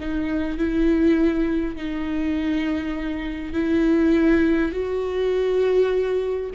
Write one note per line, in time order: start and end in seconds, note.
0.00 0.58 D#4
0.58 1.76 E4
1.76 3.53 D#4
3.53 4.72 E4
4.72 6.50 F#4